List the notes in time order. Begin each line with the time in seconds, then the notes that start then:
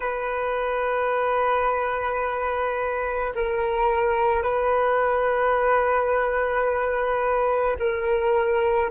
0.00 B4
3.35 A#4
4.42 B4
7.79 A#4